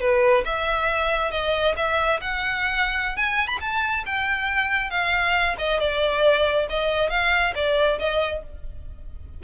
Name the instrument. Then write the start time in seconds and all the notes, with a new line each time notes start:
violin
0.00 B4
0.45 E5
1.31 D#5
1.76 E5
2.21 F#5
3.16 G#5
3.47 B5
3.60 A5
4.06 G5
4.90 F5
5.58 D#5
5.80 D5
6.69 D#5
7.09 F5
7.55 D5
7.99 D#5